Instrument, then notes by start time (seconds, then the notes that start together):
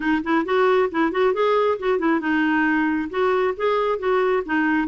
clarinet
0.00 D#4
0.23 E4
0.45 F#4
0.91 E4
1.11 F#4
1.33 G#4
1.79 F#4
1.98 E4
2.20 D#4
3.09 F#4
3.57 G#4
3.98 F#4
4.45 D#4